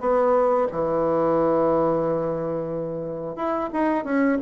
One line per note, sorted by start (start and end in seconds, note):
0.00 0.67 B3
0.72 3.36 E3
3.36 3.70 E4
3.73 4.04 D#4
4.04 4.38 C#4